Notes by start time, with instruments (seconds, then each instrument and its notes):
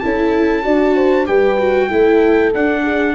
0.00 tuba C#4, viola E4, horn A4, trumpet A5
0.63 tuba D4, viola F#4, horn D5
0.96 horn C5
1.26 tuba G3, viola G4, horn B4, trumpet G5
1.59 viola F#4
1.88 tuba A3, viola E4, horn A4
2.54 tuba D4, viola D4, trumpet F#5
2.83 horn G#4